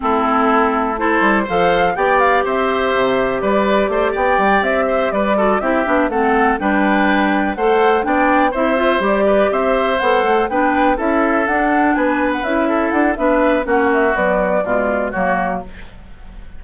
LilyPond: <<
  \new Staff \with { instrumentName = "flute" } { \time 4/4 \tempo 4 = 123 a'2 c''4 f''4 | g''8 f''8 e''2 d''4~ | d''8 g''4 e''4 d''4 e''8~ | e''8 fis''4 g''2 fis''8~ |
fis''8 g''4 e''4 d''4 e''8~ | e''8 fis''4 g''4 e''4 fis''8~ | fis''8 gis''8. fis''16 e''4 fis''8 e''4 | fis''8 e''8 d''2 cis''4 | }
  \new Staff \with { instrumentName = "oboe" } { \time 4/4 e'2 a'4 c''4 | d''4 c''2 b'4 | c''8 d''4. c''8 b'8 a'8 g'8~ | g'8 a'4 b'2 c''8~ |
c''8 d''4 c''4. b'8 c''8~ | c''4. b'4 a'4.~ | a'8 b'4. a'4 b'4 | fis'2 f'4 fis'4 | }
  \new Staff \with { instrumentName = "clarinet" } { \time 4/4 c'2 e'4 a'4 | g'1~ | g'2. fis'8 e'8 | d'8 c'4 d'2 a'8~ |
a'8 d'4 e'8 f'8 g'4.~ | g'8 a'4 d'4 e'4 d'8~ | d'4. e'4. d'4 | cis'4 fis4 gis4 ais4 | }
  \new Staff \with { instrumentName = "bassoon" } { \time 4/4 a2~ a8 g8 f4 | b4 c'4 c4 g4 | a8 b8 g8 c'4 g4 c'8 | b8 a4 g2 a8~ |
a8 b4 c'4 g4 c'8~ | c'8 b8 a8 b4 cis'4 d'8~ | d'8 b4 cis'4 d'8 b4 | ais4 b4 b,4 fis4 | }
>>